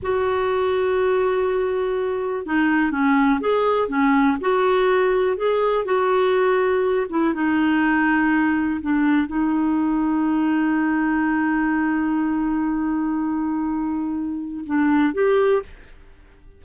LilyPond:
\new Staff \with { instrumentName = "clarinet" } { \time 4/4 \tempo 4 = 123 fis'1~ | fis'4 dis'4 cis'4 gis'4 | cis'4 fis'2 gis'4 | fis'2~ fis'8 e'8 dis'4~ |
dis'2 d'4 dis'4~ | dis'1~ | dis'1~ | dis'2 d'4 g'4 | }